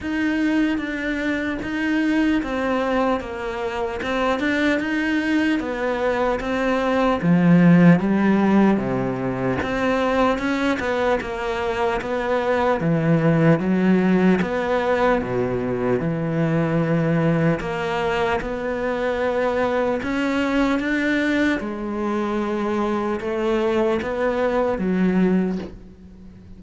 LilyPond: \new Staff \with { instrumentName = "cello" } { \time 4/4 \tempo 4 = 75 dis'4 d'4 dis'4 c'4 | ais4 c'8 d'8 dis'4 b4 | c'4 f4 g4 c4 | c'4 cis'8 b8 ais4 b4 |
e4 fis4 b4 b,4 | e2 ais4 b4~ | b4 cis'4 d'4 gis4~ | gis4 a4 b4 fis4 | }